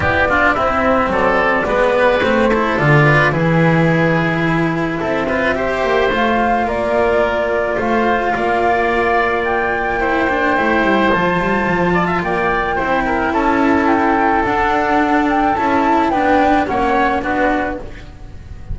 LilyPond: <<
  \new Staff \with { instrumentName = "flute" } { \time 4/4 \tempo 4 = 108 d''4 e''4 d''2 | c''4 d''4 b'2~ | b'4 e''2 f''4 | d''2 f''2~ |
f''4 g''2. | a''2 g''2 | a''4 g''4 fis''4. g''8 | a''4 g''4 fis''4 b'4 | }
  \new Staff \with { instrumentName = "oboe" } { \time 4/4 g'8 f'8 e'4 a'4 b'4~ | b'8 a'4 b'8 gis'2~ | gis'4 a'8 b'8 c''2 | ais'2 c''4 d''4~ |
d''2 c''2~ | c''4. d''16 e''16 d''4 c''8 ais'8 | a'1~ | a'4 b'4 cis''4 fis'4 | }
  \new Staff \with { instrumentName = "cello" } { \time 4/4 e'8 d'8 c'2 b4 | c'8 e'8 f'4 e'2~ | e'4. f'8 g'4 f'4~ | f'1~ |
f'2 e'8 d'8 e'4 | f'2. e'4~ | e'2 d'2 | e'4 d'4 cis'4 d'4 | }
  \new Staff \with { instrumentName = "double bass" } { \time 4/4 b4 c'4 fis4 gis4 | a4 d4 e2~ | e4 c'4. ais8 a4 | ais2 a4 ais4~ |
ais2. a8 g8 | f8 g8 f4 ais4 c'4 | cis'2 d'2 | cis'4 b4 ais4 b4 | }
>>